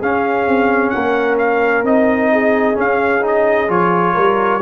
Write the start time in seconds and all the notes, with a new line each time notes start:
0.00 C#4 G#4 F5
0.47 C4
0.90 A#3 A#4 F#5
1.39 F5
1.83 C4 D#4 D#5
2.33 G#4
2.75 C#4 F5
3.22 D#4 D#5
3.68 F3 F4 C#5
4.15 G3 A#4